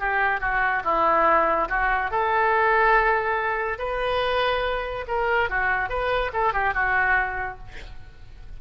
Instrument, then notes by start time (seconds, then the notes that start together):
oboe
0.00 G4
0.41 F#4
0.84 E4
1.69 F#4
2.11 A4
3.79 B4
5.08 A#4
5.50 F#4
5.89 B4
6.34 A4
6.54 G4
6.74 F#4